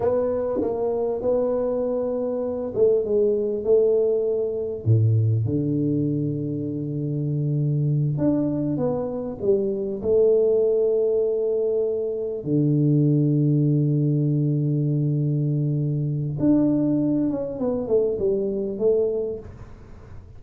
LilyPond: \new Staff \with { instrumentName = "tuba" } { \time 4/4 \tempo 4 = 99 b4 ais4 b2~ | b8 a8 gis4 a2 | a,4 d2.~ | d4. d'4 b4 g8~ |
g8 a2.~ a8~ | a8 d2.~ d8~ | d2. d'4~ | d'8 cis'8 b8 a8 g4 a4 | }